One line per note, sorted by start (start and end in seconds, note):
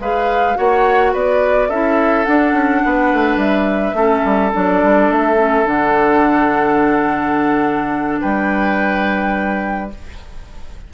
0.00 0.57 G#3
0.00 0.55 G#4
0.00 0.58 B4
0.00 0.57 F5
0.55 1.14 A#3
0.55 1.68 F#4
0.55 1.13 C#5
0.55 1.14 F#5
1.13 1.69 B3
1.13 1.69 B4
1.13 1.70 D5
1.69 2.26 C#4
1.69 2.26 E4
1.69 2.82 A4
1.69 2.25 E5
2.25 3.95 D4
2.25 2.53 D4
2.25 3.38 F#5
2.53 2.81 C#4
2.85 3.13 B3
2.85 3.96 B4
3.13 3.37 A3
3.37 3.94 G3
3.37 4.52 E5
3.94 4.22 A3
3.94 4.52 C#4
3.94 8.21 A4
4.25 4.53 G3
4.52 4.83 F#3
4.52 5.37 D4
4.52 5.12 D5
4.83 5.10 G3
5.10 5.65 A3
5.10 5.67 E5
5.37 5.65 C#4
5.65 8.20 D3
5.65 9.90 D4
5.65 8.21 F#5
8.21 9.94 G3
8.21 9.91 B4
8.21 9.91 G5